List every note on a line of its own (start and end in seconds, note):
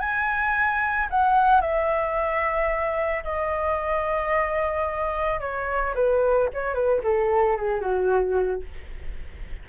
0.00 1.08 G#5
1.11 1.61 F#5
1.61 3.23 E5
3.24 5.40 D#5
5.40 5.94 C#5
5.95 6.49 B4
6.54 6.74 C#5
6.74 7.01 B4
7.04 7.57 A4
7.57 7.81 G#4
7.81 8.62 F#4